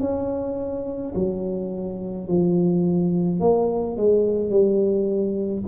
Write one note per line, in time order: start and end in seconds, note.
0.00 1.13 C#4
1.15 2.28 F#3
2.28 3.40 F3
3.40 3.97 A#3
3.97 4.50 G#3
4.50 5.63 G3